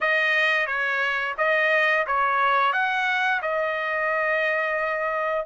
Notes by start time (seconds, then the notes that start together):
0.00 D#5
0.66 C#5
1.37 D#5
2.06 C#5
2.72 F#5
3.42 D#5